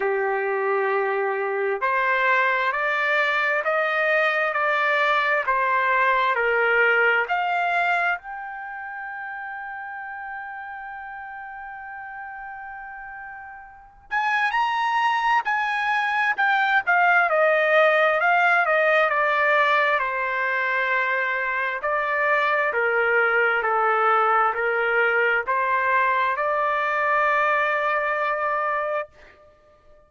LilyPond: \new Staff \with { instrumentName = "trumpet" } { \time 4/4 \tempo 4 = 66 g'2 c''4 d''4 | dis''4 d''4 c''4 ais'4 | f''4 g''2.~ | g''2.~ g''8 gis''8 |
ais''4 gis''4 g''8 f''8 dis''4 | f''8 dis''8 d''4 c''2 | d''4 ais'4 a'4 ais'4 | c''4 d''2. | }